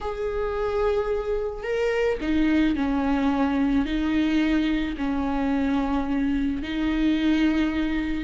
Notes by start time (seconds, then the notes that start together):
0.01 G#4
1.63 A#4
2.21 D#4
2.75 C#4
3.85 D#4
4.97 C#4
6.62 D#4